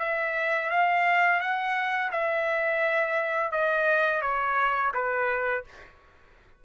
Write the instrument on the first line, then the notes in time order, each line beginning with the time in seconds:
trumpet
0.00 E5
0.70 F5
1.41 F#5
2.12 E5
3.52 D#5
4.22 C#5
4.94 B4